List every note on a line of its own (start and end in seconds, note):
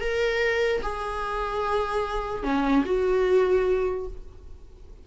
0.00 0.81 A#4
0.82 2.43 G#4
2.43 2.84 C#4
2.85 4.07 F#4